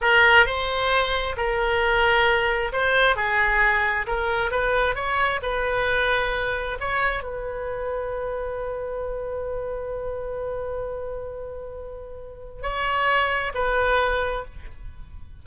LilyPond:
\new Staff \with { instrumentName = "oboe" } { \time 4/4 \tempo 4 = 133 ais'4 c''2 ais'4~ | ais'2 c''4 gis'4~ | gis'4 ais'4 b'4 cis''4 | b'2. cis''4 |
b'1~ | b'1~ | b'1 | cis''2 b'2 | }